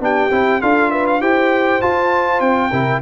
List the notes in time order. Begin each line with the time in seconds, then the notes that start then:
0.00 B3 D4 G4 G5
0.31 C4 E4
0.62 D4 F4 A4 F5
0.91 B4 E5
1.07 F5
1.21 E4 G4 C5 G5
1.81 F4 A5
2.41 C4 G5
2.71 C3 E4 A#4